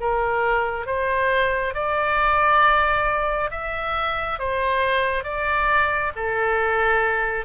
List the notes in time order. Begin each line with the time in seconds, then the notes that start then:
0.00 A#4
0.86 C5
1.74 D5
3.51 E5
4.39 C5
5.24 D5
6.16 A4